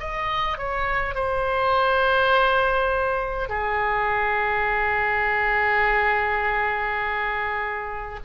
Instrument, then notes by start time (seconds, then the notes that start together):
oboe
0.00 D#5
0.58 C#5
1.14 C5
3.49 G#4